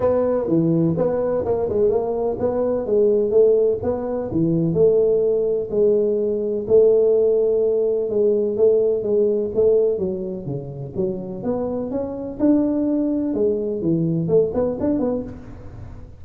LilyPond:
\new Staff \with { instrumentName = "tuba" } { \time 4/4 \tempo 4 = 126 b4 e4 b4 ais8 gis8 | ais4 b4 gis4 a4 | b4 e4 a2 | gis2 a2~ |
a4 gis4 a4 gis4 | a4 fis4 cis4 fis4 | b4 cis'4 d'2 | gis4 e4 a8 b8 d'8 b8 | }